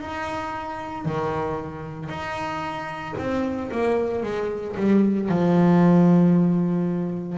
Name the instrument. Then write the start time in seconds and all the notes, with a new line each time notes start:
double bass
0.00 D#4
1.05 D#3
2.09 D#4
3.18 C4
3.71 A#3
4.23 G#3
4.77 G3
5.29 F3